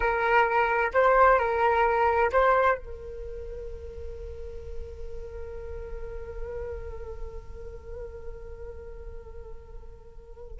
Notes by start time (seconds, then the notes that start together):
0.00 A#4
0.93 C5
1.38 A#4
2.32 C5
2.78 A#4